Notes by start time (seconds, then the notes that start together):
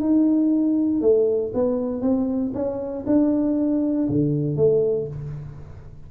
0.00 D#4
1.01 A3
1.54 B3
2.01 C4
2.54 C#4
3.06 D4
4.09 D3
4.56 A3